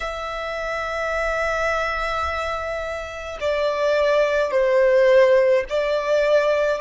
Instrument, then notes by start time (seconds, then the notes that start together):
violin
0.00 E5
3.40 D5
4.51 C5
5.69 D5